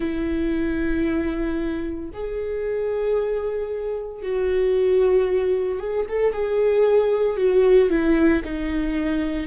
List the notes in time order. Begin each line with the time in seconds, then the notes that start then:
0.00 E4
2.13 G#4
4.22 F#4
5.79 G#4
6.09 A4
6.33 G#4
7.36 F#4
7.89 E4
8.44 D#4